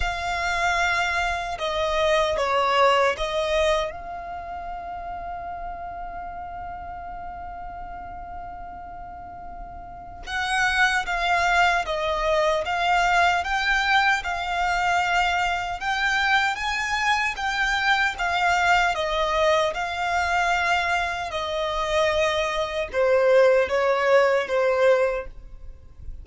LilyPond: \new Staff \with { instrumentName = "violin" } { \time 4/4 \tempo 4 = 76 f''2 dis''4 cis''4 | dis''4 f''2.~ | f''1~ | f''4 fis''4 f''4 dis''4 |
f''4 g''4 f''2 | g''4 gis''4 g''4 f''4 | dis''4 f''2 dis''4~ | dis''4 c''4 cis''4 c''4 | }